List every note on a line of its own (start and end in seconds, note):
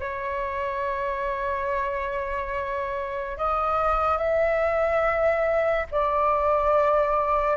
0.00 3.38 C#5
3.38 4.18 D#5
4.18 5.87 E5
5.91 7.57 D5